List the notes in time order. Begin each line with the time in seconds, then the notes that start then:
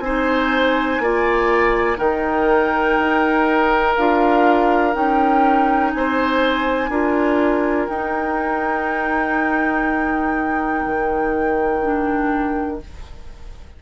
0.00 C4 D#4 C5 G#5
0.99 A#3 F4 D5
1.96 D#3 D#4 A#4 G5
2.98 D#4
3.95 D4 F4 F5
4.92 C#4 D#4 G5
5.91 C4 C5 G#5
6.89 D4 F4 A#4
7.87 D#4 G5
10.86 D#3
11.82 D4